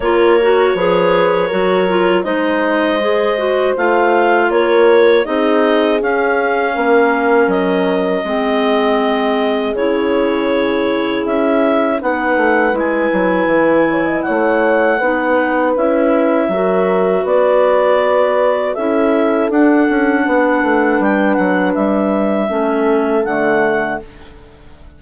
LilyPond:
<<
  \new Staff \with { instrumentName = "clarinet" } { \time 4/4 \tempo 4 = 80 cis''2. dis''4~ | dis''4 f''4 cis''4 dis''4 | f''2 dis''2~ | dis''4 cis''2 e''4 |
fis''4 gis''2 fis''4~ | fis''4 e''2 d''4~ | d''4 e''4 fis''2 | g''8 fis''8 e''2 fis''4 | }
  \new Staff \with { instrumentName = "horn" } { \time 4/4 ais'4 b'4 ais'4 c''4~ | c''2 ais'4 gis'4~ | gis'4 ais'2 gis'4~ | gis'1 |
b'2~ b'8 cis''16 dis''16 cis''4 | b'2 ais'4 b'4~ | b'4 a'2 b'4~ | b'2 a'2 | }
  \new Staff \with { instrumentName = "clarinet" } { \time 4/4 f'8 fis'8 gis'4 fis'8 f'8 dis'4 | gis'8 fis'8 f'2 dis'4 | cis'2. c'4~ | c'4 e'2. |
dis'4 e'2. | dis'4 e'4 fis'2~ | fis'4 e'4 d'2~ | d'2 cis'4 a4 | }
  \new Staff \with { instrumentName = "bassoon" } { \time 4/4 ais4 f4 fis4 gis4~ | gis4 a4 ais4 c'4 | cis'4 ais4 fis4 gis4~ | gis4 cis2 cis'4 |
b8 a8 gis8 fis8 e4 a4 | b4 cis'4 fis4 b4~ | b4 cis'4 d'8 cis'8 b8 a8 | g8 fis8 g4 a4 d4 | }
>>